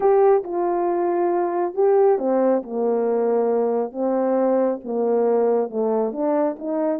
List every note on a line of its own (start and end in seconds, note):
0.00 0.43 G4
0.43 1.74 F4
1.74 2.18 G4
2.18 2.62 C4
2.62 3.92 A#3
3.92 4.79 C4
4.84 5.70 A#3
5.70 6.12 A3
6.12 6.56 D4
6.59 6.99 D#4